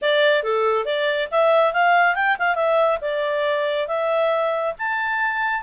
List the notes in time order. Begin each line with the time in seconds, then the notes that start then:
0.01 D5
0.43 A4
0.85 D5
1.31 E5
1.73 F5
2.15 G5
2.39 F5
2.55 E5
3.01 D5
3.87 E5
4.78 A5